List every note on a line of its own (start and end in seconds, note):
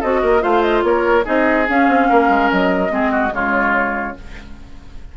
0.00 0.23 C4
0.00 0.41 F#4
0.00 0.21 A4
0.00 0.43 D#5
0.22 0.44 A#3
0.22 0.42 A#4
0.41 0.83 A3
0.41 1.23 F4
0.41 0.84 C5
0.41 0.62 F5
0.62 0.83 D#5
0.83 1.25 A#3
0.83 1.25 A#4
0.83 1.25 C#5
1.25 1.69 C4
1.25 1.66 D#4
1.25 2.08 G#4
1.25 1.68 D#5
1.69 2.89 C#4
1.69 1.88 C#4
1.69 2.52 F5
1.88 2.09 C4
2.09 2.29 A#3
2.09 2.92 A#4
2.29 2.50 G#3
2.52 2.91 F#3
2.52 3.34 D#5
2.89 3.32 G#3
2.89 3.31 C4
2.89 3.12 G#4
3.12 3.33 F#4
3.32 4.15 C#3
3.32 4.15 G#3
3.32 4.17 F4
3.32 4.17 C#5